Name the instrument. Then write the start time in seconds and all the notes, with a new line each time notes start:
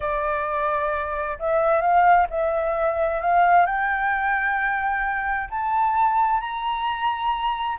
flute
0.00 D5
1.39 E5
1.81 F5
2.30 E5
3.21 F5
3.66 G5
5.50 A5
6.40 A#5